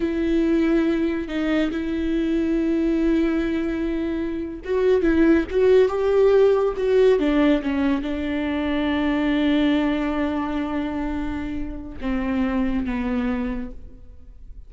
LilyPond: \new Staff \with { instrumentName = "viola" } { \time 4/4 \tempo 4 = 140 e'2. dis'4 | e'1~ | e'2~ e'8. fis'4 e'16~ | e'8. fis'4 g'2 fis'16~ |
fis'8. d'4 cis'4 d'4~ d'16~ | d'1~ | d'1 | c'2 b2 | }